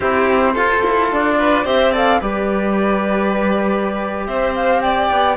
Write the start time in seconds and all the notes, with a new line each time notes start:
0.00 C4 E4 G4 C5
0.53 F4 A4
0.84 E4
1.11 D4 D5
1.38 B4
1.64 C4 G4 C5 E5
1.92 A4 D5 F5
2.20 G3 G4 B4 D5
4.26 C4 C5 E5
4.54 F5
4.81 D5 G5
5.10 B3